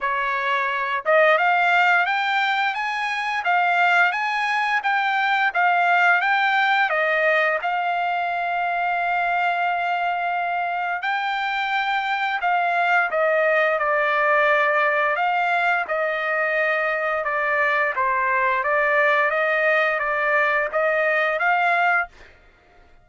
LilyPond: \new Staff \with { instrumentName = "trumpet" } { \time 4/4 \tempo 4 = 87 cis''4. dis''8 f''4 g''4 | gis''4 f''4 gis''4 g''4 | f''4 g''4 dis''4 f''4~ | f''1 |
g''2 f''4 dis''4 | d''2 f''4 dis''4~ | dis''4 d''4 c''4 d''4 | dis''4 d''4 dis''4 f''4 | }